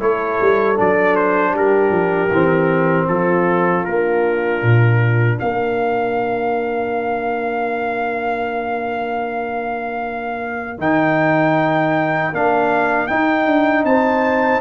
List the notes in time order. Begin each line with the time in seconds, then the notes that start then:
0.00 A3 E4 A4 C#5
0.42 G3
0.76 F#3 D4 D5
1.17 C5
1.53 G3 G4 A#4
1.91 F3
2.32 E3 C4
3.08 F3 F4 A4
3.85 A#3 D4 A#4
4.63 A#2
5.40 A#3 A#4 F5
10.79 D#3 D#4 G5
12.33 A#3 D4 F5
13.08 D#4 G5
13.47 D4
13.85 C4 C5 A5